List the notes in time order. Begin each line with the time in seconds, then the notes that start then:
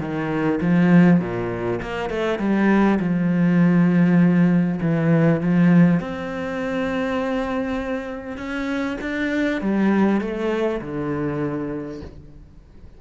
0.00 D#3
0.61 F3
1.20 A#2
1.82 A#3
2.10 A3
2.39 G3
3.00 F3
4.82 E3
5.41 F3
6.00 C4
8.37 C#4
9.01 D4
9.61 G3
10.21 A3
10.81 D3